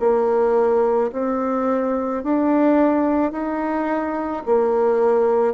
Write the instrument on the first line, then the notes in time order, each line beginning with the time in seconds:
bassoon
0.00 A#3
1.12 C4
2.23 D4
3.32 D#4
4.45 A#3